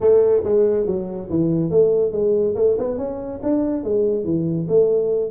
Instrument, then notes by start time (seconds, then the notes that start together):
tuba
0.00 A3
0.44 G#3
0.86 F#3
1.29 E3
1.70 A3
2.12 G#3
2.55 A3
2.78 B3
2.97 C#4
3.43 D4
3.83 G#3
4.24 E3
4.68 A3